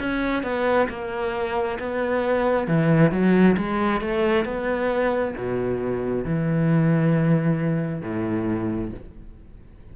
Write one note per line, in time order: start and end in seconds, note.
0.00 0.43 C#4
0.43 0.88 B3
0.89 1.79 A#3
1.79 2.67 B3
2.67 3.11 E3
3.11 3.56 F#3
3.57 4.01 G#3
4.01 4.45 A3
4.45 5.34 B3
5.37 6.25 B2
6.25 8.01 E3
8.01 8.91 A2